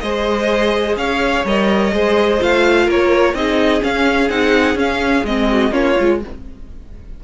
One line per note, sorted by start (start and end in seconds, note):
0.00 0.96 G#3
0.00 1.46 G#4
0.00 0.98 C5
0.00 0.95 D#5
0.96 1.44 C#4
0.96 1.93 C#5
0.96 1.45 F5
1.44 1.92 G3
1.44 1.92 A#4
1.44 2.42 D#5
1.92 2.40 G#3
1.92 2.39 G#4
1.92 2.86 C5
2.39 2.87 A3
2.39 3.34 F4
2.39 2.90 F5
2.86 3.34 A#3
2.86 3.33 A#4
2.86 3.35 C#5
3.34 3.81 C4
3.34 3.80 D#4
3.34 5.51 G#4
3.34 3.82 D#5
3.80 4.28 C#4
3.80 4.29 C#4
3.80 4.29 F5
4.29 4.75 C4
4.29 4.75 D#4
4.29 4.77 F#5
4.75 5.23 C#4
4.75 5.25 F5
5.24 5.71 G#3
5.24 5.71 C4
5.24 5.73 D#5
5.51 5.72 F#4
5.71 5.95 A#3
5.71 5.95 C#4
5.71 6.19 F4
5.71 6.21 C#5
5.96 6.24 G#3
5.96 6.20 F4